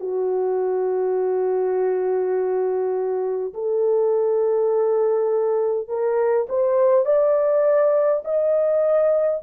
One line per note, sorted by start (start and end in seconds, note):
0.00 3.53 F#4
3.53 5.88 A4
5.88 6.47 A#4
6.49 7.05 C5
7.05 8.23 D5
8.24 9.42 D#5